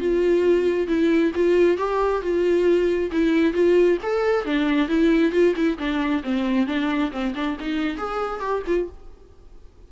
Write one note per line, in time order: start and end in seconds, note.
0.00 0.87 F4
0.87 1.32 E4
1.35 1.78 F4
1.78 2.22 G4
2.22 3.11 F4
3.12 3.53 E4
3.53 3.98 F4
4.03 4.45 A4
4.45 4.88 D4
4.88 5.32 E4
5.32 5.54 F4
5.56 5.78 E4
5.78 6.23 D4
6.23 6.66 C4
6.66 7.11 D4
7.12 7.34 C4
7.35 7.57 D4
7.60 7.97 D#4
7.97 8.40 G#4
8.40 8.63 G4
8.66 8.89 F4